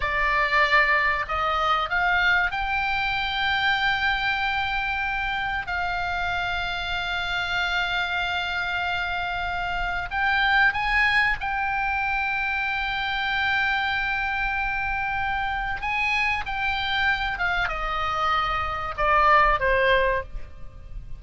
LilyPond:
\new Staff \with { instrumentName = "oboe" } { \time 4/4 \tempo 4 = 95 d''2 dis''4 f''4 | g''1~ | g''4 f''2.~ | f''1 |
g''4 gis''4 g''2~ | g''1~ | g''4 gis''4 g''4. f''8 | dis''2 d''4 c''4 | }